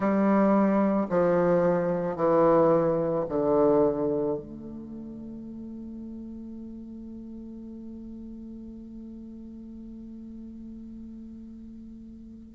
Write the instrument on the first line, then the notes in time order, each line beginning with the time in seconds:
bassoon
0.00 G3
1.09 F3
2.15 E3
3.28 D3
4.37 A3